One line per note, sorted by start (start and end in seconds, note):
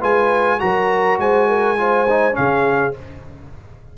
0.00 0.61 G#3
0.00 0.59 F4
0.00 0.59 B4
0.00 0.60 G#5
0.59 1.18 F#3
0.59 1.77 F#4
0.59 1.21 A#4
0.59 1.19 A#5
1.18 2.36 G#3
1.18 1.48 C5
1.18 2.35 G#5
1.48 1.78 A#4
1.77 2.07 F4
1.77 2.38 C5
2.09 2.32 D#4
2.32 2.91 C#4
2.32 2.97 G#4
2.32 2.94 F5
2.38 2.97 C#3